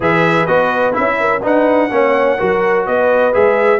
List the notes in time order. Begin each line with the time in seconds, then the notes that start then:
0.00 E3 G#4 B4 E5
0.46 B3 F#4 D#5
0.93 C#4 E4 E5
1.19 A#4
1.42 D4 D#4 B4 F#5
1.90 A#3 C#4 C#5
2.38 F#3 F#4 A#4
2.85 B3 B4 D#5
3.33 G#3 G#4 E5